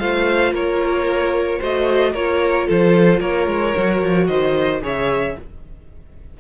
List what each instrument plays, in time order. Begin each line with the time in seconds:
0.00 cello A3, viola F4, violin C5 F5
0.53 cello A#3, violin A#4 C#5
1.59 cello A3, viola F#4, violin C5 D#5
2.14 cello A#3, viola F4, violin A#4 C#5
2.67 cello F3, violin A4 C5
3.20 cello A#3, violin A#4 C#5
3.47 cello G#3
3.75 cello F#3, viola F#4
4.02 cello F3
4.28 cello D#3, violin C5 D#5
4.82 cello C#3, viola G#4, violin C#5 E5